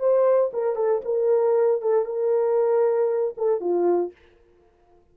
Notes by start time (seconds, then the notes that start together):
0.00 C5
0.54 A#4
0.76 A4
1.05 A#4
1.82 A4
2.06 A#4
3.38 A4
3.61 F4